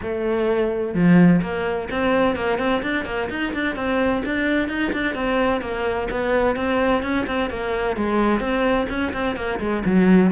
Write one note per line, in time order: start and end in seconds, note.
0.01 0.94 A3
0.94 1.41 F3
1.41 1.88 A#3
1.90 2.35 C4
2.35 2.58 A#3
2.58 2.81 C4
2.82 3.05 D4
3.05 3.28 A#3
3.29 3.53 D#4
3.53 3.75 D4
3.75 4.22 C4
4.25 4.68 D4
4.68 4.91 D#4
4.93 5.14 D4
5.14 5.61 C4
5.61 6.07 A#3
6.10 6.56 B3
6.56 7.02 C4
7.02 7.26 C#4
7.26 7.49 C4
7.49 7.96 A#3
7.96 8.40 G#3
8.40 8.87 C4
8.89 9.12 C#4
9.12 9.36 C4
9.36 9.59 A#3
9.59 9.83 G#3
9.85 10.31 F#3